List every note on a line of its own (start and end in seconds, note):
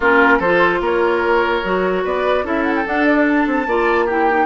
0.00 0.39 A#3
0.00 0.42 C#4
0.00 0.38 F4
0.00 0.41 A#4
0.38 0.80 F3
0.38 1.64 F4
0.38 0.79 A4
0.38 0.81 C5
0.80 1.62 A#3
0.80 2.03 A#4
0.80 2.05 C#5
1.64 2.04 F#3
1.64 2.44 F#4
2.03 2.43 B3
2.03 2.44 B4
2.03 2.46 D5
2.43 2.84 C#4
2.43 2.84 E4
2.43 3.67 A4
2.43 2.63 E5
2.63 2.73 F#5
2.75 2.85 G5
2.85 3.67 D4
2.85 3.46 D4
2.85 3.05 F#5
3.05 3.25 D5
3.27 4.09 A5
3.46 3.66 C4
3.66 4.46 A#3
3.66 4.08 F4
3.66 4.05 D5
4.05 4.29 E4
4.05 4.46 G4
4.05 4.46 G5
4.29 4.46 D#4